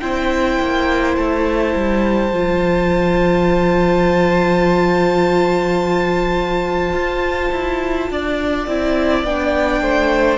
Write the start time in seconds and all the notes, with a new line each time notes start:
0.00 C4 E4 C5 G5
0.60 A#3
1.16 A3 A5
1.75 G3
2.32 F3 F4
6.92 F4
7.51 E4
8.10 D4 D5
8.67 C4 E4
9.23 B3 D4 G5
9.81 A3 C5